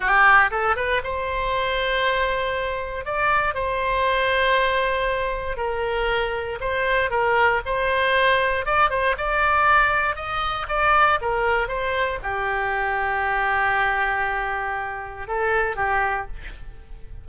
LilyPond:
\new Staff \with { instrumentName = "oboe" } { \time 4/4 \tempo 4 = 118 g'4 a'8 b'8 c''2~ | c''2 d''4 c''4~ | c''2. ais'4~ | ais'4 c''4 ais'4 c''4~ |
c''4 d''8 c''8 d''2 | dis''4 d''4 ais'4 c''4 | g'1~ | g'2 a'4 g'4 | }